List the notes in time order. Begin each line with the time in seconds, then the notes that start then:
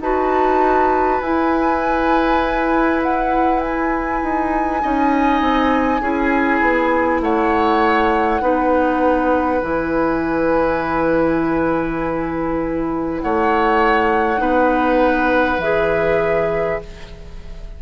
0.00 D#4 F#4 B4 A5
1.21 E4 G#5
3.03 F#5
3.60 G#5
4.23 D#4
4.81 C#4 D#4 D#5
5.41 C4
6.01 C#4 E4 G#4
6.61 B3
7.21 A3 C#5 F#5
8.41 B3 D#4 B4
9.62 E3 E4 G#5
13.21 A3 C#5 F#5
14.38 B3 D#4 B4
15.58 E3 G#4 E5